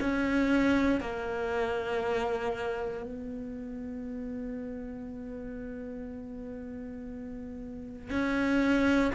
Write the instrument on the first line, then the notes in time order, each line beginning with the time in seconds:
cello
0.00 C#4
1.00 A#3
3.03 B3
8.10 C#4